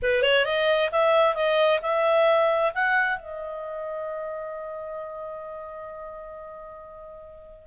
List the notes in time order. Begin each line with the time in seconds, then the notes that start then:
0.02 B4
0.22 C#5
0.44 D#5
0.91 E5
1.35 D#5
1.82 E5
2.74 F#5
3.18 D#5